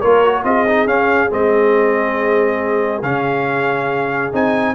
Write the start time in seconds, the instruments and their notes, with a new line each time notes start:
0.00 tuba A#3, trombone F4, horn A#4, trumpet C#5
0.25 trombone F#4
0.43 tuba C4, trombone F4, horn G#4, trumpet D#5
0.67 trombone D#4
0.87 tuba C#4, trombone C#4, trumpet F5
1.29 tuba G#3, trombone C4, trumpet D#5
3.02 tuba C#3, trombone C#4, trumpet F5
4.32 tuba C4, trombone D#4, trumpet G#5